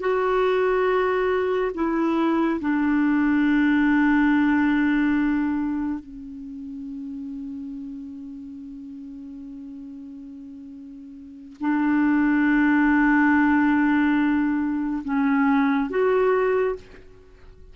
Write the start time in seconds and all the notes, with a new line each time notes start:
0.00 F#4
1.75 E4
2.61 D4
6.00 C#4
11.60 D4
15.04 C#4
15.90 F#4